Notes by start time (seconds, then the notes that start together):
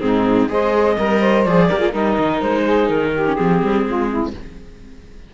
0.00 G#2 C4 D#4 G#4
0.49 G#3 G#4 C5 D#5
0.96 G3 A#4
1.19 C5
1.44 F3 G#4 D5
1.69 A#3 G4 A#4
1.79 F4 G#4
1.92 G3 D#4 A#4 D#5
2.19 D#3
2.41 G#3 C5
2.63 G#4
2.89 D#3 A#4
3.14 G4
3.26 C#4
3.35 F3 C4 G#4
3.63 G3
3.85 G#3 F4
4.10 E4